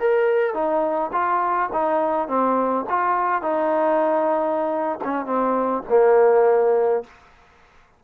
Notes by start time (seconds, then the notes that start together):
0.00 A#4
0.54 D#4
1.13 F4
1.73 D#4
2.28 C4
2.90 F4
3.42 D#4
5.04 C#4
5.26 C4
5.90 A#3